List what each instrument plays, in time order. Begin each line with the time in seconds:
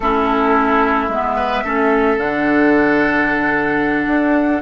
0.00 bassoon A3, clarinet C#4, oboe E4, flute A4
1.08 bassoon G#3, clarinet B3, flute E5
1.36 oboe B4
1.64 bassoon A3, clarinet C#4, oboe A4
2.17 bassoon D3, clarinet D4, flute F#5
4.07 bassoon D4